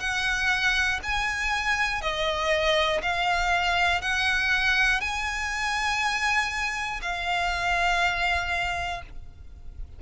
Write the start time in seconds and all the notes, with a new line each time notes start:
0.00 F#5
1.03 G#5
2.01 D#5
3.02 F5
4.01 F#5
5.00 G#5
7.01 F5